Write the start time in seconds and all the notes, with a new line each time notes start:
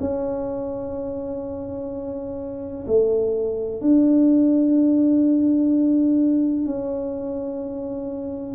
0.00 C#4
2.87 A3
3.81 D4
6.66 C#4